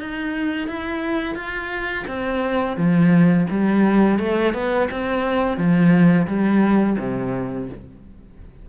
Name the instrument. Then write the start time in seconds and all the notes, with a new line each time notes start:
cello
0.00 D#4
0.68 E4
1.35 F4
2.07 C4
2.77 F3
3.50 G3
4.19 A3
4.53 B3
4.91 C4
5.57 F3
6.27 G3
6.99 C3